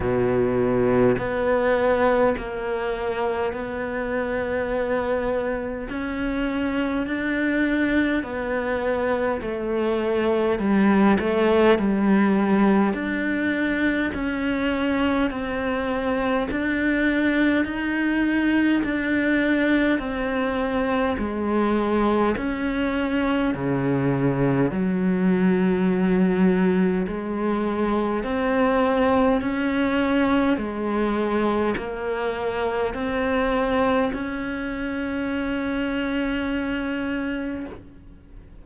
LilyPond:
\new Staff \with { instrumentName = "cello" } { \time 4/4 \tempo 4 = 51 b,4 b4 ais4 b4~ | b4 cis'4 d'4 b4 | a4 g8 a8 g4 d'4 | cis'4 c'4 d'4 dis'4 |
d'4 c'4 gis4 cis'4 | cis4 fis2 gis4 | c'4 cis'4 gis4 ais4 | c'4 cis'2. | }